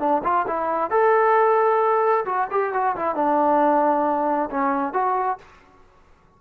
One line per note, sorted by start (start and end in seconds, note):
0.00 0.22 D4
0.24 0.46 F4
0.48 0.91 E4
0.91 2.25 A4
2.26 2.48 F#4
2.51 2.74 G4
2.74 2.96 F#4
2.96 3.15 E4
3.15 4.50 D4
4.51 4.94 C#4
4.94 5.38 F#4